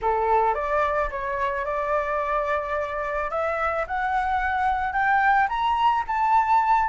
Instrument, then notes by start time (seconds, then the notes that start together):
flute
0.01 A4
0.54 D5
1.10 C#5
1.65 D5
3.30 E5
3.87 F#5
4.92 G5
5.48 A#5
6.07 A5